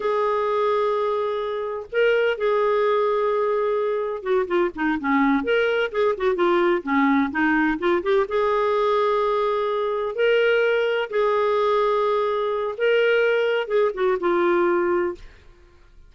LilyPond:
\new Staff \with { instrumentName = "clarinet" } { \time 4/4 \tempo 4 = 127 gis'1 | ais'4 gis'2.~ | gis'4 fis'8 f'8 dis'8 cis'4 ais'8~ | ais'8 gis'8 fis'8 f'4 cis'4 dis'8~ |
dis'8 f'8 g'8 gis'2~ gis'8~ | gis'4. ais'2 gis'8~ | gis'2. ais'4~ | ais'4 gis'8 fis'8 f'2 | }